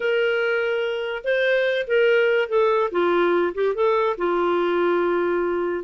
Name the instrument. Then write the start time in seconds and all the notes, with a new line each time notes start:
clarinet
0.00 A#4
1.24 C5
1.87 A#4
2.48 A4
2.91 F4
3.54 G4
3.74 A4
4.17 F4